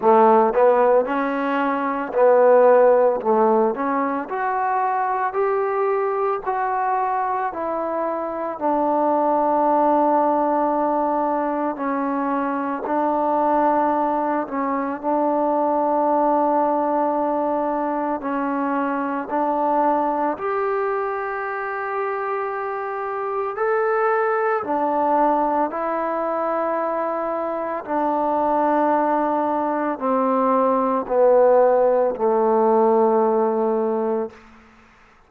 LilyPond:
\new Staff \with { instrumentName = "trombone" } { \time 4/4 \tempo 4 = 56 a8 b8 cis'4 b4 a8 cis'8 | fis'4 g'4 fis'4 e'4 | d'2. cis'4 | d'4. cis'8 d'2~ |
d'4 cis'4 d'4 g'4~ | g'2 a'4 d'4 | e'2 d'2 | c'4 b4 a2 | }